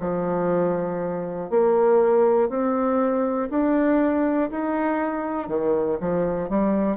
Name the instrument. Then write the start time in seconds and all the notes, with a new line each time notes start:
bassoon
0.00 F3
1.50 A#3
2.49 C4
3.50 D4
4.51 D#4
5.49 D#3
6.00 F3
6.50 G3